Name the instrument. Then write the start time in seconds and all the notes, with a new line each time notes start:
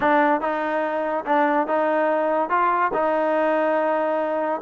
trombone
0.00 D4
0.40 D#4
1.25 D4
1.67 D#4
2.49 F4
2.93 D#4